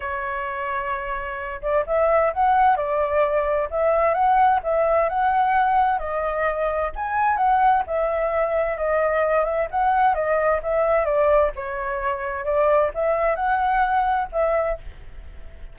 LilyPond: \new Staff \with { instrumentName = "flute" } { \time 4/4 \tempo 4 = 130 cis''2.~ cis''8 d''8 | e''4 fis''4 d''2 | e''4 fis''4 e''4 fis''4~ | fis''4 dis''2 gis''4 |
fis''4 e''2 dis''4~ | dis''8 e''8 fis''4 dis''4 e''4 | d''4 cis''2 d''4 | e''4 fis''2 e''4 | }